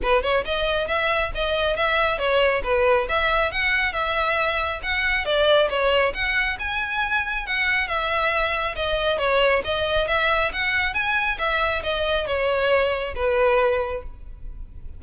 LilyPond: \new Staff \with { instrumentName = "violin" } { \time 4/4 \tempo 4 = 137 b'8 cis''8 dis''4 e''4 dis''4 | e''4 cis''4 b'4 e''4 | fis''4 e''2 fis''4 | d''4 cis''4 fis''4 gis''4~ |
gis''4 fis''4 e''2 | dis''4 cis''4 dis''4 e''4 | fis''4 gis''4 e''4 dis''4 | cis''2 b'2 | }